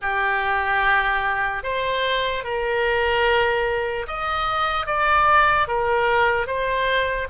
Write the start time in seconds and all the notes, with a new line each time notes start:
0.01 G4
1.63 C5
2.44 A#4
4.07 D#5
4.86 D5
5.67 A#4
6.46 C5